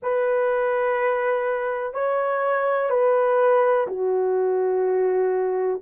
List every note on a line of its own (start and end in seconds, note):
0.02 1.94 B4
1.94 2.89 C#5
2.89 3.86 B4
3.87 5.80 F#4